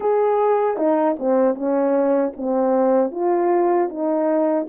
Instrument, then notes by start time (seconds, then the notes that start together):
horn
0.00 G#4
0.77 D#4
1.19 C4
1.54 C#4
2.36 C4
3.11 F4
3.89 D#4